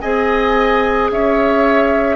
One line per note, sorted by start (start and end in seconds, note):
0.00 1.11 C4
0.00 2.16 G#4
0.00 1.10 D#5
0.00 1.09 G#5
1.11 2.16 C#4
1.11 2.16 C#5
1.11 2.16 E5